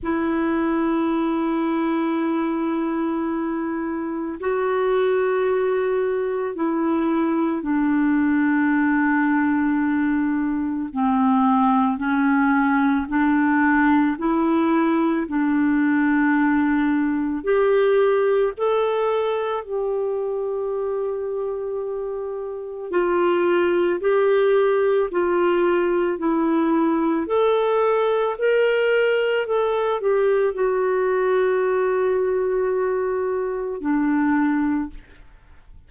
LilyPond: \new Staff \with { instrumentName = "clarinet" } { \time 4/4 \tempo 4 = 55 e'1 | fis'2 e'4 d'4~ | d'2 c'4 cis'4 | d'4 e'4 d'2 |
g'4 a'4 g'2~ | g'4 f'4 g'4 f'4 | e'4 a'4 ais'4 a'8 g'8 | fis'2. d'4 | }